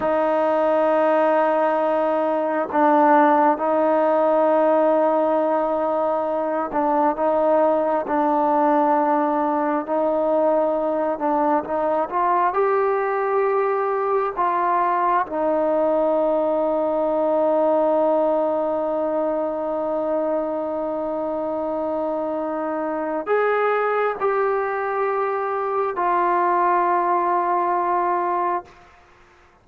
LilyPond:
\new Staff \with { instrumentName = "trombone" } { \time 4/4 \tempo 4 = 67 dis'2. d'4 | dis'2.~ dis'8 d'8 | dis'4 d'2 dis'4~ | dis'8 d'8 dis'8 f'8 g'2 |
f'4 dis'2.~ | dis'1~ | dis'2 gis'4 g'4~ | g'4 f'2. | }